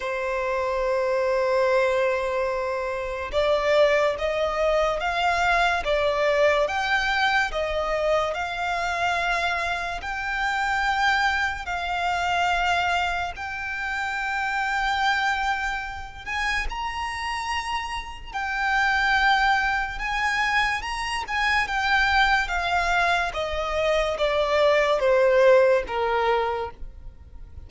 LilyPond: \new Staff \with { instrumentName = "violin" } { \time 4/4 \tempo 4 = 72 c''1 | d''4 dis''4 f''4 d''4 | g''4 dis''4 f''2 | g''2 f''2 |
g''2.~ g''8 gis''8 | ais''2 g''2 | gis''4 ais''8 gis''8 g''4 f''4 | dis''4 d''4 c''4 ais'4 | }